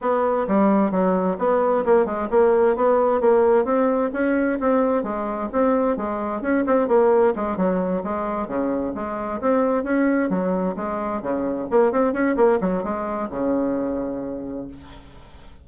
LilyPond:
\new Staff \with { instrumentName = "bassoon" } { \time 4/4 \tempo 4 = 131 b4 g4 fis4 b4 | ais8 gis8 ais4 b4 ais4 | c'4 cis'4 c'4 gis4 | c'4 gis4 cis'8 c'8 ais4 |
gis8 fis4 gis4 cis4 gis8~ | gis8 c'4 cis'4 fis4 gis8~ | gis8 cis4 ais8 c'8 cis'8 ais8 fis8 | gis4 cis2. | }